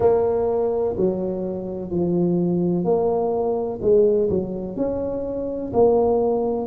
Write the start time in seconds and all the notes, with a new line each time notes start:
0.00 A#3
0.97 F#3
1.90 F3
2.84 A#3
3.81 G#3
4.29 F#3
4.76 C#4
5.73 A#3